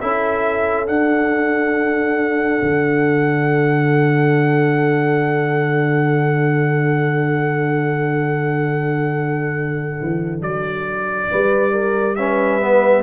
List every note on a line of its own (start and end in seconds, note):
0.00 0.88 C#4
0.00 0.86 E4
0.00 11.30 A4
0.00 0.87 E5
0.86 12.16 D4
0.86 2.62 D4
0.86 10.42 F#5
2.62 10.01 D3
10.01 10.41 E3
10.41 11.28 F#3
10.41 12.15 D5
11.30 13.02 G3
11.30 11.72 B4
11.72 12.16 A#4
12.15 12.61 C#4
12.15 13.02 B4
12.15 13.02 E5
12.61 13.02 B3